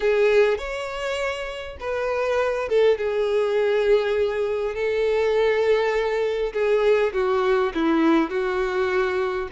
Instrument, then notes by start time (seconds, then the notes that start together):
violin
0.00 G#4
0.58 C#5
1.80 B4
2.69 A4
2.98 G#4
4.74 A4
6.53 G#4
7.13 F#4
7.74 E4
8.30 F#4